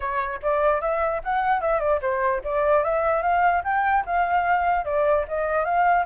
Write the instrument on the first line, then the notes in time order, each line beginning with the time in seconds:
flute
0.00 C#5
0.42 D5
0.81 E5
1.23 F#5
1.61 E5
1.80 D5
2.01 C5
2.43 D5
2.84 E5
3.22 F5
3.64 G5
4.05 F5
4.84 D5
5.28 D#5
5.64 F5